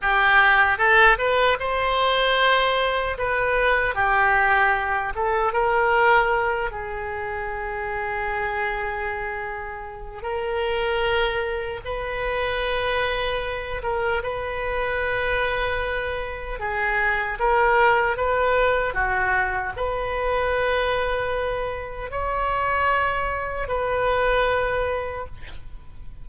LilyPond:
\new Staff \with { instrumentName = "oboe" } { \time 4/4 \tempo 4 = 76 g'4 a'8 b'8 c''2 | b'4 g'4. a'8 ais'4~ | ais'8 gis'2.~ gis'8~ | gis'4 ais'2 b'4~ |
b'4. ais'8 b'2~ | b'4 gis'4 ais'4 b'4 | fis'4 b'2. | cis''2 b'2 | }